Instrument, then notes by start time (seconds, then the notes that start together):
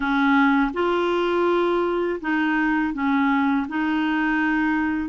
clarinet
0.00 C#4
0.73 F4
2.21 D#4
2.93 C#4
3.68 D#4